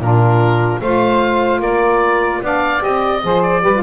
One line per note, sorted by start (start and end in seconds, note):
0.00 0.81 A#2
0.00 0.83 D4
0.00 0.82 F4
0.00 0.81 A#4
0.81 1.60 A3
0.81 2.44 F4
0.81 1.60 C5
0.81 1.62 F5
1.60 2.40 A#3
1.60 2.41 A#4
1.60 2.43 D5
2.42 2.83 B3
2.42 2.80 D4
2.42 3.24 D5
2.42 2.84 F5
2.80 3.24 C4
2.80 3.20 G4
2.80 3.43 D#5
3.23 3.64 F3
3.23 3.63 G#4
3.23 3.62 C5
3.43 3.83 D5
3.62 3.83 G3
3.62 3.73 G4
3.62 3.83 B4
3.75 3.83 F4